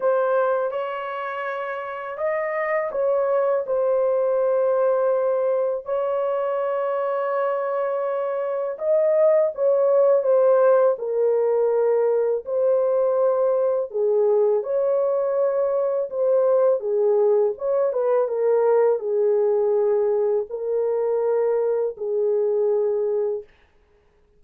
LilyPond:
\new Staff \with { instrumentName = "horn" } { \time 4/4 \tempo 4 = 82 c''4 cis''2 dis''4 | cis''4 c''2. | cis''1 | dis''4 cis''4 c''4 ais'4~ |
ais'4 c''2 gis'4 | cis''2 c''4 gis'4 | cis''8 b'8 ais'4 gis'2 | ais'2 gis'2 | }